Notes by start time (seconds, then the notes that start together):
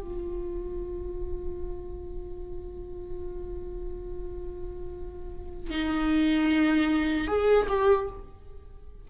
0.00 F4
5.70 D#4
7.27 G#4
7.68 G4